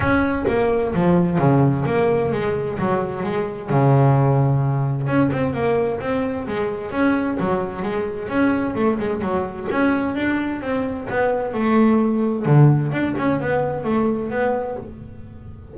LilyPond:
\new Staff \with { instrumentName = "double bass" } { \time 4/4 \tempo 4 = 130 cis'4 ais4 f4 cis4 | ais4 gis4 fis4 gis4 | cis2. cis'8 c'8 | ais4 c'4 gis4 cis'4 |
fis4 gis4 cis'4 a8 gis8 | fis4 cis'4 d'4 c'4 | b4 a2 d4 | d'8 cis'8 b4 a4 b4 | }